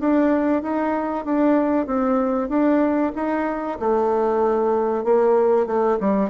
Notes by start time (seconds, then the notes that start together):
0.00 D4
0.62 D#4
1.25 D4
1.86 C4
2.49 D4
3.15 D#4
3.80 A3
5.04 A#3
5.66 A3
6.00 G3